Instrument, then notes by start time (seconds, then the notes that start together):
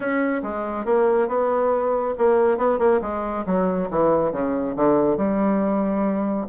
bassoon
0.00 C#4
0.42 G#3
0.85 A#3
1.28 B3
2.18 A#3
2.57 B3
2.78 A#3
3.01 G#3
3.45 F#3
3.90 E3
4.31 C#3
4.76 D3
5.17 G3